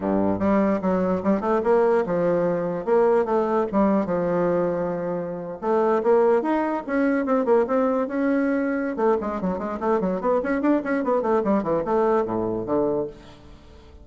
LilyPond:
\new Staff \with { instrumentName = "bassoon" } { \time 4/4 \tempo 4 = 147 g,4 g4 fis4 g8 a8 | ais4 f2 ais4 | a4 g4 f2~ | f4.~ f16 a4 ais4 dis'16~ |
dis'8. cis'4 c'8 ais8 c'4 cis'16~ | cis'2 a8 gis8 fis8 gis8 | a8 fis8 b8 cis'8 d'8 cis'8 b8 a8 | g8 e8 a4 a,4 d4 | }